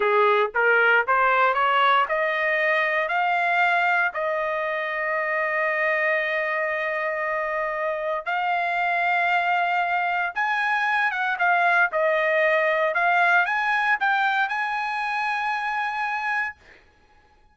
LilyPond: \new Staff \with { instrumentName = "trumpet" } { \time 4/4 \tempo 4 = 116 gis'4 ais'4 c''4 cis''4 | dis''2 f''2 | dis''1~ | dis''1 |
f''1 | gis''4. fis''8 f''4 dis''4~ | dis''4 f''4 gis''4 g''4 | gis''1 | }